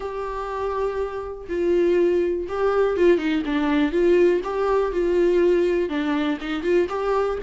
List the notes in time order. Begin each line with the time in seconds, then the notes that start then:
0.00 G4
1.48 F4
2.48 G4
2.96 F4
3.17 D#4
3.45 D4
3.92 F4
4.44 G4
4.92 F4
5.89 D4
6.40 D#4
6.62 F4
6.89 G4